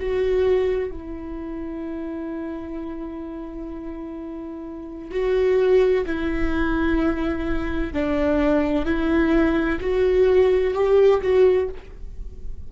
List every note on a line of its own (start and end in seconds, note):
0.00 0.91 F#4
0.91 5.12 E4
5.12 6.06 F#4
6.06 7.93 E4
7.93 8.86 D4
8.86 9.80 E4
9.81 10.75 F#4
10.75 11.22 G4
11.22 11.69 F#4